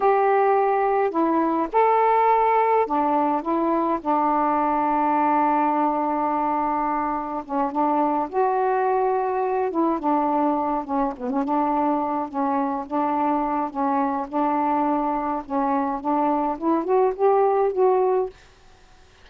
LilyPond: \new Staff \with { instrumentName = "saxophone" } { \time 4/4 \tempo 4 = 105 g'2 e'4 a'4~ | a'4 d'4 e'4 d'4~ | d'1~ | d'4 cis'8 d'4 fis'4.~ |
fis'4 e'8 d'4. cis'8 b16 cis'16 | d'4. cis'4 d'4. | cis'4 d'2 cis'4 | d'4 e'8 fis'8 g'4 fis'4 | }